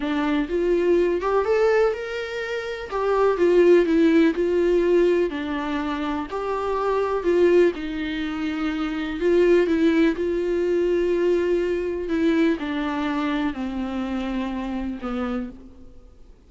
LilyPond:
\new Staff \with { instrumentName = "viola" } { \time 4/4 \tempo 4 = 124 d'4 f'4. g'8 a'4 | ais'2 g'4 f'4 | e'4 f'2 d'4~ | d'4 g'2 f'4 |
dis'2. f'4 | e'4 f'2.~ | f'4 e'4 d'2 | c'2. b4 | }